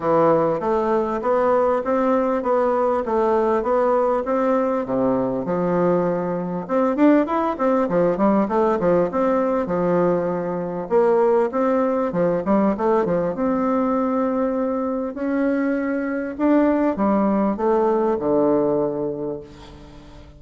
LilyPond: \new Staff \with { instrumentName = "bassoon" } { \time 4/4 \tempo 4 = 99 e4 a4 b4 c'4 | b4 a4 b4 c'4 | c4 f2 c'8 d'8 | e'8 c'8 f8 g8 a8 f8 c'4 |
f2 ais4 c'4 | f8 g8 a8 f8 c'2~ | c'4 cis'2 d'4 | g4 a4 d2 | }